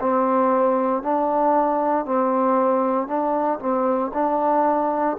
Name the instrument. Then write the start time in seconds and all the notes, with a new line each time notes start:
trombone
0.00 C4
1.03 D4
2.05 C4
3.07 D4
3.59 C4
4.14 D4